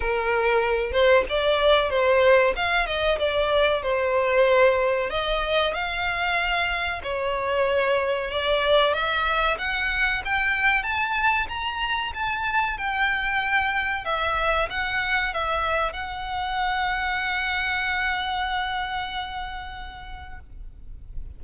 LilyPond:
\new Staff \with { instrumentName = "violin" } { \time 4/4 \tempo 4 = 94 ais'4. c''8 d''4 c''4 | f''8 dis''8 d''4 c''2 | dis''4 f''2 cis''4~ | cis''4 d''4 e''4 fis''4 |
g''4 a''4 ais''4 a''4 | g''2 e''4 fis''4 | e''4 fis''2.~ | fis''1 | }